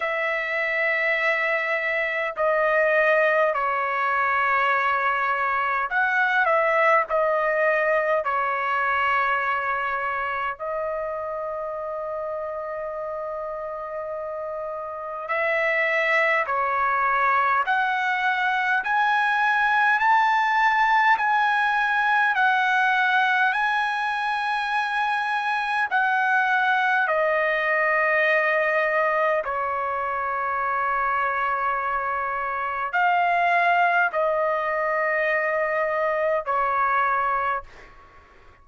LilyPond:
\new Staff \with { instrumentName = "trumpet" } { \time 4/4 \tempo 4 = 51 e''2 dis''4 cis''4~ | cis''4 fis''8 e''8 dis''4 cis''4~ | cis''4 dis''2.~ | dis''4 e''4 cis''4 fis''4 |
gis''4 a''4 gis''4 fis''4 | gis''2 fis''4 dis''4~ | dis''4 cis''2. | f''4 dis''2 cis''4 | }